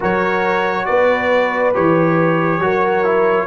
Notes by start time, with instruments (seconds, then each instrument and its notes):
0.00 tuba F#3, trombone F#4, horn A#4, trumpet C#5
0.85 tuba B3, horn B4, trumpet D5
1.74 tuba E3, trombone G4, trumpet C#5
2.59 tuba F#3, trombone F#4, horn A#4
3.04 trombone E4